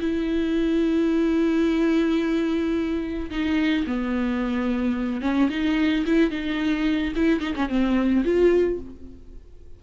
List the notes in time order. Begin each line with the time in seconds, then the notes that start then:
0.00 E4
3.31 D#4
3.87 B3
5.21 C#4
5.50 D#4
6.06 E4
6.31 D#4
7.16 E4
7.40 D#4
7.56 C#4
7.69 C4
8.24 F4